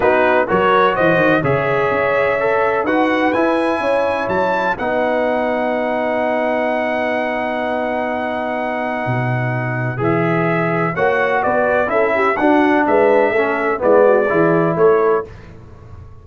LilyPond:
<<
  \new Staff \with { instrumentName = "trumpet" } { \time 4/4 \tempo 4 = 126 b'4 cis''4 dis''4 e''4~ | e''2 fis''4 gis''4~ | gis''4 a''4 fis''2~ | fis''1~ |
fis''1~ | fis''4 e''2 fis''4 | d''4 e''4 fis''4 e''4~ | e''4 d''2 cis''4 | }
  \new Staff \with { instrumentName = "horn" } { \time 4/4 fis'4 ais'4 c''4 cis''4~ | cis''2 b'2 | cis''2 b'2~ | b'1~ |
b'1~ | b'2. cis''4 | b'4 a'8 g'8 fis'4 b'4 | a'4 e'8 fis'8 gis'4 a'4 | }
  \new Staff \with { instrumentName = "trombone" } { \time 4/4 dis'4 fis'2 gis'4~ | gis'4 a'4 fis'4 e'4~ | e'2 dis'2~ | dis'1~ |
dis'1~ | dis'4 gis'2 fis'4~ | fis'4 e'4 d'2 | cis'4 b4 e'2 | }
  \new Staff \with { instrumentName = "tuba" } { \time 4/4 b4 fis4 e8 dis8 cis4 | cis'2 dis'4 e'4 | cis'4 fis4 b2~ | b1~ |
b2. b,4~ | b,4 e2 ais4 | b4 cis'4 d'4 gis4 | a4 gis4 e4 a4 | }
>>